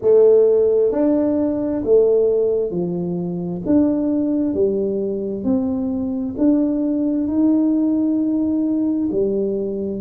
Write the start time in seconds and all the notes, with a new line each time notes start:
0.01 A3
0.91 D4
1.84 A3
2.70 F3
3.66 D4
4.54 G3
5.44 C4
6.38 D4
7.27 D#4
9.12 G3